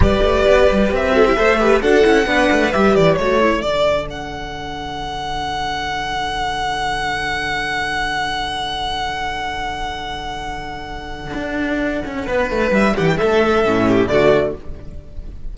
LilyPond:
<<
  \new Staff \with { instrumentName = "violin" } { \time 4/4 \tempo 4 = 132 d''2 e''2 | fis''2 e''8 d''8 cis''4 | d''4 fis''2.~ | fis''1~ |
fis''1~ | fis''1~ | fis''1 | e''8 fis''16 g''16 e''2 d''4 | }
  \new Staff \with { instrumentName = "violin" } { \time 4/4 b'2~ b'8 a'16 g'16 c''8 b'8 | a'4 b'2 a'4~ | a'1~ | a'1~ |
a'1~ | a'1~ | a'2. b'4~ | b'8 g'8 a'4. g'8 fis'4 | }
  \new Staff \with { instrumentName = "viola" } { \time 4/4 g'2~ g'8 fis'16 e'16 a'8 g'8 | fis'8 e'8 d'4 g'4 fis'8 e'8 | d'1~ | d'1~ |
d'1~ | d'1~ | d'1~ | d'2 cis'4 a4 | }
  \new Staff \with { instrumentName = "cello" } { \time 4/4 g8 a8 b8 g8 c'4 a4 | d'8 cis'8 b8 a8 g8 e8 a4 | d1~ | d1~ |
d1~ | d1~ | d4 d'4. cis'8 b8 a8 | g8 e8 a4 a,4 d4 | }
>>